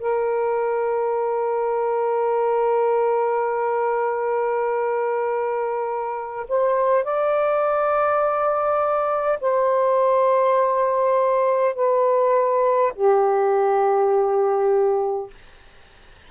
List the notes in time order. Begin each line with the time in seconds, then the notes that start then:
0.00 A#4
6.49 C5
7.04 D5
9.41 C5
11.75 B4
12.95 G4